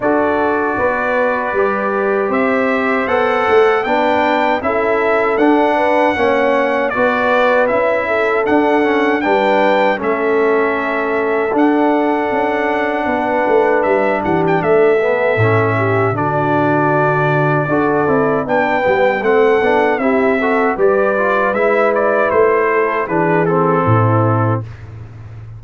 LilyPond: <<
  \new Staff \with { instrumentName = "trumpet" } { \time 4/4 \tempo 4 = 78 d''2. e''4 | fis''4 g''4 e''4 fis''4~ | fis''4 d''4 e''4 fis''4 | g''4 e''2 fis''4~ |
fis''2 e''8 fis''16 g''16 e''4~ | e''4 d''2. | g''4 fis''4 e''4 d''4 | e''8 d''8 c''4 b'8 a'4. | }
  \new Staff \with { instrumentName = "horn" } { \time 4/4 a'4 b'2 c''4~ | c''4 b'4 a'4. b'8 | cis''4 b'4. a'4. | b'4 a'2.~ |
a'4 b'4. g'8 a'4~ | a'8 g'8 fis'2 a'4 | b'4 a'4 g'8 a'8 b'4~ | b'4. a'8 gis'4 e'4 | }
  \new Staff \with { instrumentName = "trombone" } { \time 4/4 fis'2 g'2 | a'4 d'4 e'4 d'4 | cis'4 fis'4 e'4 d'8 cis'8 | d'4 cis'2 d'4~ |
d'2.~ d'8 b8 | cis'4 d'2 fis'8 e'8 | d'8 b8 c'8 d'8 e'8 fis'8 g'8 f'8 | e'2 d'8 c'4. | }
  \new Staff \with { instrumentName = "tuba" } { \time 4/4 d'4 b4 g4 c'4 | b8 a8 b4 cis'4 d'4 | ais4 b4 cis'4 d'4 | g4 a2 d'4 |
cis'4 b8 a8 g8 e8 a4 | a,4 d2 d'8 c'8 | b8 g8 a8 b8 c'4 g4 | gis4 a4 e4 a,4 | }
>>